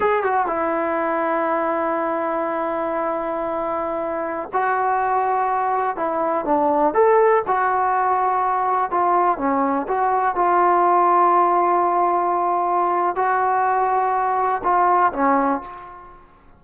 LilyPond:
\new Staff \with { instrumentName = "trombone" } { \time 4/4 \tempo 4 = 123 gis'8 fis'8 e'2.~ | e'1~ | e'4~ e'16 fis'2~ fis'8.~ | fis'16 e'4 d'4 a'4 fis'8.~ |
fis'2~ fis'16 f'4 cis'8.~ | cis'16 fis'4 f'2~ f'8.~ | f'2. fis'4~ | fis'2 f'4 cis'4 | }